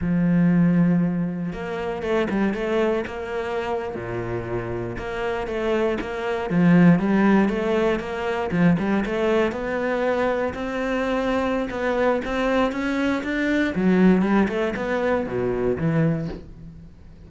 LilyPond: \new Staff \with { instrumentName = "cello" } { \time 4/4 \tempo 4 = 118 f2. ais4 | a8 g8 a4 ais4.~ ais16 ais,16~ | ais,4.~ ais,16 ais4 a4 ais16~ | ais8. f4 g4 a4 ais16~ |
ais8. f8 g8 a4 b4~ b16~ | b8. c'2~ c'16 b4 | c'4 cis'4 d'4 fis4 | g8 a8 b4 b,4 e4 | }